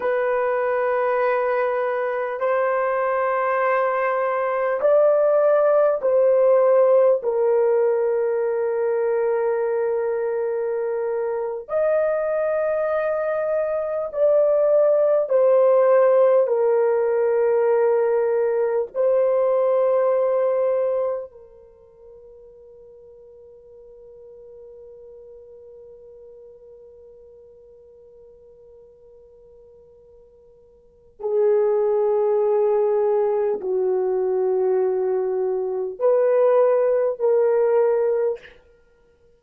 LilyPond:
\new Staff \with { instrumentName = "horn" } { \time 4/4 \tempo 4 = 50 b'2 c''2 | d''4 c''4 ais'2~ | ais'4.~ ais'16 dis''2 d''16~ | d''8. c''4 ais'2 c''16~ |
c''4.~ c''16 ais'2~ ais'16~ | ais'1~ | ais'2 gis'2 | fis'2 b'4 ais'4 | }